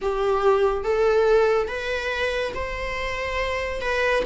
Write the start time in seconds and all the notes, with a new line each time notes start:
0.01 G4
0.83 A4
1.68 B4
2.54 C5
3.81 B4